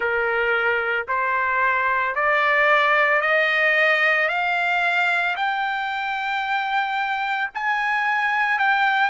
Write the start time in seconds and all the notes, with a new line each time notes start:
0.00 A#4
1.08 C5
2.15 D5
3.21 D#5
4.28 F5
5.36 G5
7.54 G#5
8.59 G5